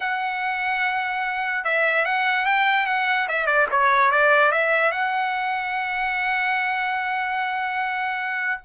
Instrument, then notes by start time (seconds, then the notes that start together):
trumpet
0.00 F#5
1.64 E5
2.05 F#5
2.45 G5
2.86 F#5
3.28 E5
3.46 D5
3.71 C#5
4.11 D5
4.51 E5
4.91 F#5